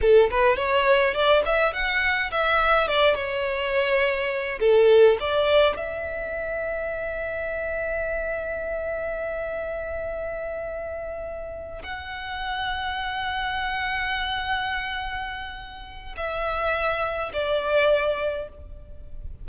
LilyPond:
\new Staff \with { instrumentName = "violin" } { \time 4/4 \tempo 4 = 104 a'8 b'8 cis''4 d''8 e''8 fis''4 | e''4 d''8 cis''2~ cis''8 | a'4 d''4 e''2~ | e''1~ |
e''1~ | e''8 fis''2.~ fis''8~ | fis''1 | e''2 d''2 | }